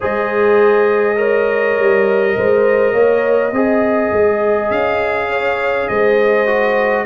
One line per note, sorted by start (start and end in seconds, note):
0.00 1.78 G#3
0.00 1.16 G#4
0.00 1.16 C5
0.00 4.71 D#5
1.16 3.51 A#4
1.16 2.35 C#5
1.78 2.37 G3
2.36 2.93 G#3
2.36 2.92 C5
2.92 3.52 A#3
2.92 3.51 C#5
3.52 4.11 C4
3.52 6.47 G#4
3.52 5.29 D#5
4.11 4.70 G#3
4.70 5.87 C#4
4.70 5.87 F5
5.29 5.88 C#5
5.87 7.05 G#3
5.87 7.05 C5
5.87 7.05 D#5
6.47 7.05 F#4